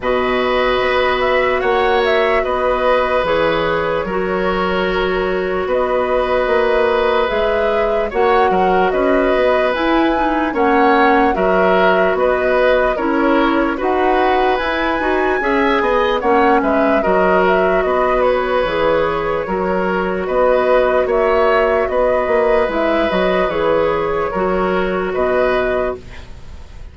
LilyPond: <<
  \new Staff \with { instrumentName = "flute" } { \time 4/4 \tempo 4 = 74 dis''4. e''8 fis''8 e''8 dis''4 | cis''2. dis''4~ | dis''4 e''4 fis''4 dis''4 | gis''4 fis''4 e''4 dis''4 |
cis''4 fis''4 gis''2 | fis''8 e''8 dis''8 e''8 dis''8 cis''4.~ | cis''4 dis''4 e''4 dis''4 | e''8 dis''8 cis''2 dis''4 | }
  \new Staff \with { instrumentName = "oboe" } { \time 4/4 b'2 cis''4 b'4~ | b'4 ais'2 b'4~ | b'2 cis''8 ais'8 b'4~ | b'4 cis''4 ais'4 b'4 |
ais'4 b'2 e''8 dis''8 | cis''8 b'8 ais'4 b'2 | ais'4 b'4 cis''4 b'4~ | b'2 ais'4 b'4 | }
  \new Staff \with { instrumentName = "clarinet" } { \time 4/4 fis'1 | gis'4 fis'2.~ | fis'4 gis'4 fis'2 | e'8 dis'8 cis'4 fis'2 |
e'4 fis'4 e'8 fis'8 gis'4 | cis'4 fis'2 gis'4 | fis'1 | e'8 fis'8 gis'4 fis'2 | }
  \new Staff \with { instrumentName = "bassoon" } { \time 4/4 b,4 b4 ais4 b4 | e4 fis2 b4 | ais4 gis4 ais8 fis8 cis'8 b8 | e'4 ais4 fis4 b4 |
cis'4 dis'4 e'8 dis'8 cis'8 b8 | ais8 gis8 fis4 b4 e4 | fis4 b4 ais4 b8 ais8 | gis8 fis8 e4 fis4 b,4 | }
>>